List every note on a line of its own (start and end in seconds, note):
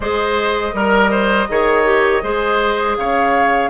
0.00 0.72 G#3
0.00 0.73 G#4
0.00 0.75 C5
0.00 2.95 D#5
0.73 1.47 G3
0.73 1.47 A#4
0.73 1.10 A#4
1.10 1.47 C5
1.48 2.22 D#3
1.48 1.84 G#4
1.48 2.23 C#5
1.84 2.21 G4
2.22 2.96 G#3
2.22 3.69 G#4
2.22 2.97 C5
2.96 3.69 C#3
2.96 3.69 C#5
2.96 3.69 F5